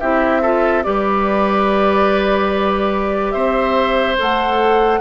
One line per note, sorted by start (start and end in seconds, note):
0.00 0.85 C4
0.00 0.43 E4
0.00 0.42 G4
0.00 0.83 E5
0.42 0.83 F4
0.42 0.84 A4
0.83 3.34 G3
0.83 4.16 G4
0.83 3.34 B4
0.83 3.32 D5
3.32 4.17 C4
3.32 5.00 C5
3.32 4.15 E5
4.17 5.01 A3
4.17 5.01 A4
4.17 5.01 F#5